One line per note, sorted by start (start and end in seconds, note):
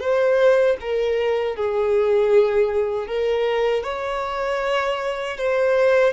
0.00 0.77 C5
0.80 1.56 A#4
1.56 3.07 G#4
3.07 3.84 A#4
3.84 5.37 C#5
5.37 6.13 C5